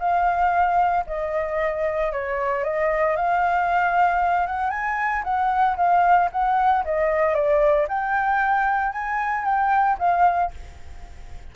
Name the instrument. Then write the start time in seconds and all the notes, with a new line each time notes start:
flute
0.00 F5
1.07 D#5
2.13 C#5
2.64 D#5
3.17 F5
4.47 F#5
4.71 G#5
5.24 F#5
5.77 F5
6.32 F#5
6.85 D#5
7.35 D5
7.89 G5
8.93 G#5
9.45 G5
9.99 F5